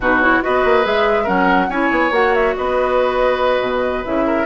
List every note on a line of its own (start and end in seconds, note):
0.00 0.41 B2
0.00 0.22 D#4
0.00 0.43 F#4
0.00 0.20 B4
0.20 0.42 E4
0.20 0.41 C#5
0.42 0.64 B3
0.42 0.83 F#4
0.42 1.23 B4
0.42 0.85 D#5
0.64 0.85 A#3
0.83 1.28 G#3
0.83 1.25 G#4
0.83 1.27 E5
1.23 1.68 F#3
1.23 1.68 C#4
1.23 1.66 A#4
1.23 1.70 F#5
1.68 1.89 C#4
1.68 2.11 E4
1.68 2.55 C#5
1.68 2.12 G#5
1.90 2.11 B3
2.11 2.53 A#3
2.11 4.03 F#4
2.11 2.34 F#5
2.34 2.55 E5
2.56 3.61 B3
2.56 4.26 B4
2.56 4.05 D#5
3.61 4.03 B2
4.04 4.45 C#3
4.04 4.45 E4
4.04 4.45 E5
4.26 4.45 A#4